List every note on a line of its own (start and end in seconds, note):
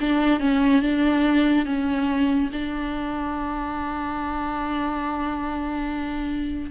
0.00 0.40 D4
0.40 0.81 C#4
0.81 1.65 D4
1.65 2.50 C#4
2.52 6.71 D4